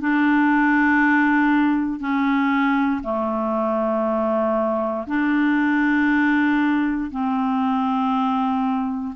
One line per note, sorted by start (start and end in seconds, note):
0.00 2.00 D4
2.00 3.01 C#4
3.03 5.07 A3
5.07 7.10 D4
7.11 9.14 C4